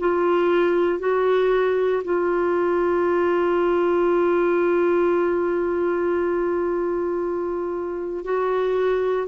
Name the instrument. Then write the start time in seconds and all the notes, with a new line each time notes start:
clarinet
0.00 F4
1.00 F#4
2.05 F4
8.25 F#4